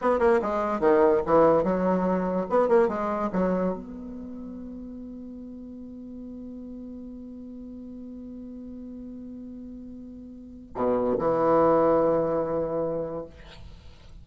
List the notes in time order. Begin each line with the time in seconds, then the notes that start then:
0.01 B3
0.19 A#3
0.42 G#3
0.80 D#3
1.26 E3
1.63 F#3
2.49 B3
2.68 A#3
2.88 G#3
3.33 F#3
3.73 B3
10.75 B2
11.18 E3